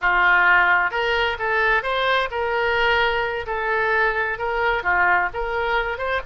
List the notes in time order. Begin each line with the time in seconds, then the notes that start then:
0.01 F4
0.91 A#4
1.38 A4
1.82 C5
2.30 A#4
3.46 A4
4.38 A#4
4.83 F4
5.33 A#4
5.97 C5